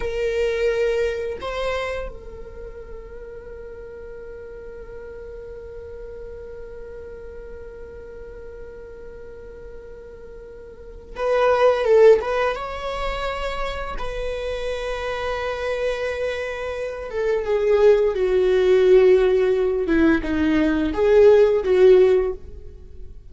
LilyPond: \new Staff \with { instrumentName = "viola" } { \time 4/4 \tempo 4 = 86 ais'2 c''4 ais'4~ | ais'1~ | ais'1~ | ais'1 |
b'4 a'8 b'8 cis''2 | b'1~ | b'8 a'8 gis'4 fis'2~ | fis'8 e'8 dis'4 gis'4 fis'4 | }